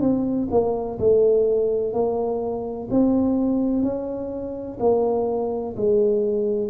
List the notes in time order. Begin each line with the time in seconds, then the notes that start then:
0.00 C4
0.50 A#3
0.98 A3
1.93 A#3
2.90 C4
3.83 C#4
4.79 A#3
5.76 G#3